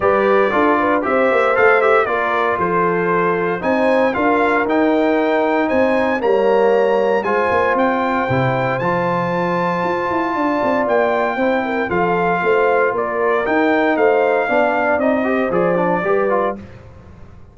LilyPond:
<<
  \new Staff \with { instrumentName = "trumpet" } { \time 4/4 \tempo 4 = 116 d''2 e''4 f''8 e''8 | d''4 c''2 gis''4 | f''4 g''2 gis''4 | ais''2 gis''4 g''4~ |
g''4 a''2.~ | a''4 g''2 f''4~ | f''4 d''4 g''4 f''4~ | f''4 dis''4 d''2 | }
  \new Staff \with { instrumentName = "horn" } { \time 4/4 b'4 a'8 b'8 c''2 | ais'4 a'2 c''4 | ais'2. c''4 | cis''2 c''2~ |
c''1 | d''2 c''8 ais'8 a'4 | c''4 ais'2 c''4 | d''4. c''4. b'4 | }
  \new Staff \with { instrumentName = "trombone" } { \time 4/4 g'4 f'4 g'4 a'8 g'8 | f'2. dis'4 | f'4 dis'2. | ais2 f'2 |
e'4 f'2.~ | f'2 e'4 f'4~ | f'2 dis'2 | d'4 dis'8 g'8 gis'8 d'8 g'8 f'8 | }
  \new Staff \with { instrumentName = "tuba" } { \time 4/4 g4 d'4 c'8 ais8 a4 | ais4 f2 c'4 | d'4 dis'2 c'4 | g2 gis8 ais8 c'4 |
c4 f2 f'8 e'8 | d'8 c'8 ais4 c'4 f4 | a4 ais4 dis'4 a4 | b4 c'4 f4 g4 | }
>>